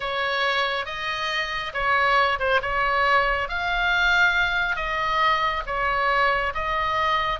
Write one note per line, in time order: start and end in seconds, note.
0.00 0.85 C#5
0.85 1.72 D#5
1.73 2.38 C#5
2.39 2.60 C5
2.62 3.49 C#5
3.49 4.75 F5
4.75 5.62 D#5
5.66 6.53 C#5
6.54 7.39 D#5